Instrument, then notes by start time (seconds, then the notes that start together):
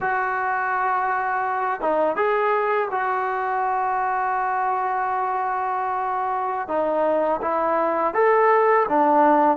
trombone
0.00 F#4
1.80 D#4
2.16 G#4
2.90 F#4
6.68 D#4
7.41 E4
8.14 A4
8.88 D4